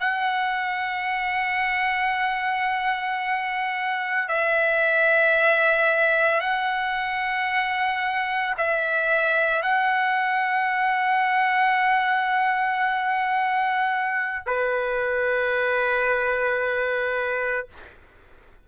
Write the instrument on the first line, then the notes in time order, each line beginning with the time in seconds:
trumpet
0.00 F#5
4.29 E5
6.40 F#5
8.58 E5
9.62 F#5
14.46 B4